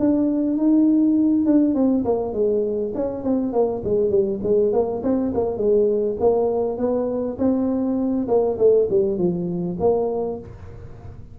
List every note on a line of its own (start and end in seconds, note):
0.00 0.57 D4
0.57 1.46 D#4
1.46 1.75 D4
1.75 2.05 C4
2.05 2.34 A#3
2.34 2.93 G#3
2.95 3.24 C#4
3.24 3.53 C4
3.53 3.83 A#3
3.85 4.11 G#3
4.11 4.40 G3
4.43 4.73 G#3
4.73 5.03 A#3
5.04 5.33 C4
5.35 5.58 A#3
5.58 6.17 G#3
6.20 6.78 A#3
6.78 7.38 B3
7.39 8.28 C4
8.28 8.58 A#3
8.59 8.88 A3
8.90 9.18 G3
9.18 9.77 F3
9.80 10.40 A#3